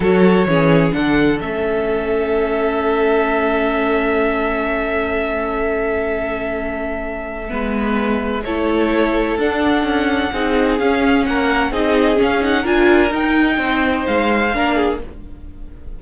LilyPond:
<<
  \new Staff \with { instrumentName = "violin" } { \time 4/4 \tempo 4 = 128 cis''2 fis''4 e''4~ | e''1~ | e''1~ | e''1~ |
e''2 cis''2 | fis''2. f''4 | fis''4 dis''4 f''8 fis''8 gis''4 | g''2 f''2 | }
  \new Staff \with { instrumentName = "violin" } { \time 4/4 a'4 gis'4 a'2~ | a'1~ | a'1~ | a'1 |
b'2 a'2~ | a'2 gis'2 | ais'4 gis'2 ais'4~ | ais'4 c''2 ais'8 gis'8 | }
  \new Staff \with { instrumentName = "viola" } { \time 4/4 fis'4 cis'4 d'4 cis'4~ | cis'1~ | cis'1~ | cis'1 |
b2 e'2 | d'2 dis'4 cis'4~ | cis'4 dis'4 cis'8 dis'8 f'4 | dis'2. d'4 | }
  \new Staff \with { instrumentName = "cello" } { \time 4/4 fis4 e4 d4 a4~ | a1~ | a1~ | a1 |
gis2 a2 | d'4 cis'4 c'4 cis'4 | ais4 c'4 cis'4 d'4 | dis'4 c'4 gis4 ais4 | }
>>